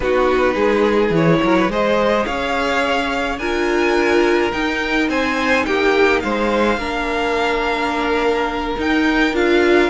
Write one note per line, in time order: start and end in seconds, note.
0.00 0.55 B3
0.00 1.13 D#4
0.00 0.53 F#4
0.00 1.13 B4
0.53 1.10 G#3
0.53 1.38 G#4
1.10 1.38 E3
1.10 1.69 E4
1.10 1.71 C#5
1.43 1.68 F#3
1.43 1.58 A#4
1.58 1.71 B4
1.68 2.25 G#3
1.68 3.39 G#4
1.68 2.26 C5
1.68 2.25 D#5
2.25 3.37 C#4
2.25 3.39 C#5
2.25 3.38 F5
3.37 4.50 D4
3.37 4.52 F4
3.37 5.09 A#4
3.37 4.51 G#5
4.52 6.78 D#4
4.52 5.08 D#4
4.52 5.08 G5
5.08 5.65 C4
5.08 5.66 C5
5.08 5.65 G#5
5.65 6.23 A#3
5.65 6.23 G4
5.65 6.20 G5
6.20 6.77 G#3
6.20 6.79 C5
6.20 8.74 F5
6.77 8.75 A#3
6.77 8.77 D4
6.77 9.89 A#4
8.78 9.33 D#4
8.78 9.34 D#4
8.78 9.35 G5
9.33 9.89 D4
9.33 9.89 F4
9.33 9.89 F5